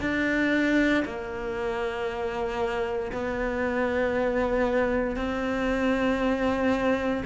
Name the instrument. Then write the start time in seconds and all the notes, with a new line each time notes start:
cello
0.00 D4
1.05 A#3
3.12 B3
5.16 C4